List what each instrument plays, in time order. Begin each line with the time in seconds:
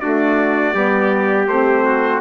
0.00 saxophone A3, bassoon D4, trumpet F#4 D5
0.74 bassoon G3, saxophone B3, trumpet G4
1.47 bassoon A3, saxophone C4, trumpet C5
1.84 trumpet F#4